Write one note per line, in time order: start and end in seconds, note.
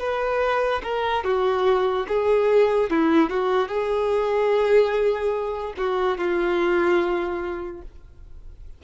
0.00 0.82 B4
0.84 1.24 A#4
1.24 2.07 F#4
2.08 2.91 G#4
2.91 3.30 E4
3.30 3.68 F#4
3.68 5.74 G#4
5.78 6.18 F#4
6.18 7.82 F4